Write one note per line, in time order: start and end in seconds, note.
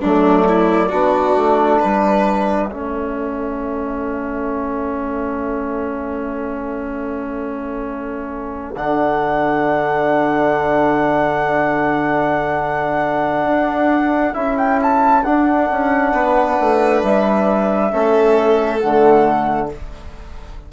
0.00 0.92 F#3
0.00 0.91 A3
0.00 0.45 D4
0.00 1.82 D5
0.48 0.89 E4
0.89 1.36 B3
0.89 2.70 D4
0.89 1.79 F#4
1.36 1.81 A3
1.80 2.74 G3
1.80 2.69 B4
1.80 8.76 E5
2.69 8.76 A3
2.69 8.76 C#4
2.69 16.13 A4
8.76 13.45 D3
8.76 14.34 D4
8.76 14.35 F#5
13.45 14.34 D4
14.34 15.25 C#4
14.34 15.24 E4
14.34 14.57 E5
14.58 14.80 G5
14.83 15.24 A5
15.24 15.70 D4
15.24 17.92 D4
15.24 17.03 F#5
15.71 16.13 C#4
16.13 16.58 B3
16.13 17.92 B4
16.61 17.03 A3
17.03 17.93 G3
17.03 18.80 E5
17.92 18.83 A3
17.92 18.80 C#4
17.92 19.71 A4
18.80 19.73 D3
18.80 19.70 A3
18.80 19.69 F#5